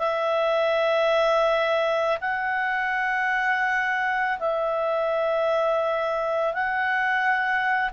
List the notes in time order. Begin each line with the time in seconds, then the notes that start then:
0.00 E5
2.21 F#5
4.40 E5
6.54 F#5